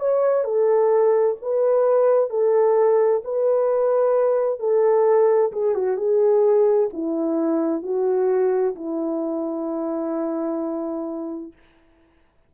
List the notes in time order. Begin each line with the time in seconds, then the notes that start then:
0.00 C#5
0.44 A4
1.42 B4
2.30 A4
3.24 B4
4.60 A4
5.52 G#4
5.75 F#4
5.97 G#4
6.93 E4
7.83 F#4
8.76 E4